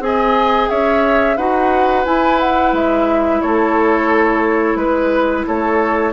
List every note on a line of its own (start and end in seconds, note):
0.00 0.68 C4
0.00 1.37 G#4
0.00 0.70 D#5
0.00 0.70 G#5
0.70 1.38 C#4
0.70 1.37 C#5
0.70 1.37 E5
1.37 2.06 D#4
1.37 2.06 F#4
1.37 3.42 B4
1.37 2.06 F#5
2.06 6.14 E4
2.06 2.73 E4
2.06 2.40 G#5
2.40 2.74 F#5
2.73 3.41 G#3
2.73 3.42 E5
3.42 4.76 A3
3.42 4.79 A4
3.42 4.77 C#5
4.76 5.44 G#3
4.76 5.45 B4
4.76 5.47 B4
5.48 6.14 A3
5.48 6.14 A4
5.48 6.14 C#5